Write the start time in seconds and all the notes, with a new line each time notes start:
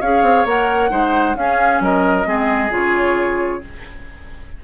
0.00 C#4 G#4 C#5 F5
0.22 C4
0.45 A#3 A#4 F#5
0.89 G#3 D#4 C5
1.34 C#4 G#4 F5
1.80 F#3 A#4 D#5
2.24 G#3 C4 G#4
2.70 C#3 F4 C#5